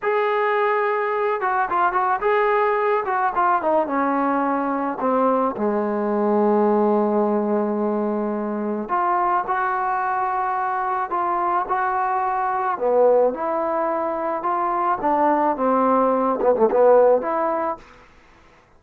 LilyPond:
\new Staff \with { instrumentName = "trombone" } { \time 4/4 \tempo 4 = 108 gis'2~ gis'8 fis'8 f'8 fis'8 | gis'4. fis'8 f'8 dis'8 cis'4~ | cis'4 c'4 gis2~ | gis1 |
f'4 fis'2. | f'4 fis'2 b4 | e'2 f'4 d'4 | c'4. b16 a16 b4 e'4 | }